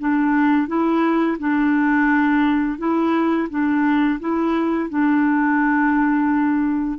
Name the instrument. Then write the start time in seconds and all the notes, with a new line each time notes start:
clarinet
0.00 D4
0.68 E4
1.39 D4
2.79 E4
3.50 D4
4.20 E4
4.90 D4